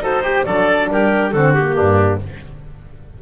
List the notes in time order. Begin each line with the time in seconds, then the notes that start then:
0.00 D#4 F#4 A4 C5
0.24 G4
0.45 F#3 D4 A4 D5
0.91 G3 G4 A#4
1.31 D3 C4 F#4 A4
1.53 A#3 G4
1.76 G2 D4